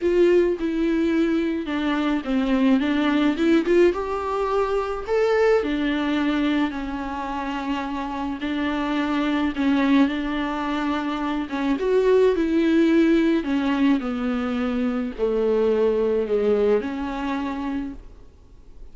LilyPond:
\new Staff \with { instrumentName = "viola" } { \time 4/4 \tempo 4 = 107 f'4 e'2 d'4 | c'4 d'4 e'8 f'8 g'4~ | g'4 a'4 d'2 | cis'2. d'4~ |
d'4 cis'4 d'2~ | d'8 cis'8 fis'4 e'2 | cis'4 b2 a4~ | a4 gis4 cis'2 | }